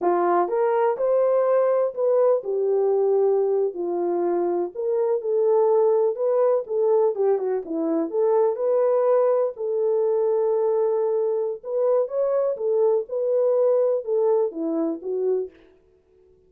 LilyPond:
\new Staff \with { instrumentName = "horn" } { \time 4/4 \tempo 4 = 124 f'4 ais'4 c''2 | b'4 g'2~ g'8. f'16~ | f'4.~ f'16 ais'4 a'4~ a'16~ | a'8. b'4 a'4 g'8 fis'8 e'16~ |
e'8. a'4 b'2 a'16~ | a'1 | b'4 cis''4 a'4 b'4~ | b'4 a'4 e'4 fis'4 | }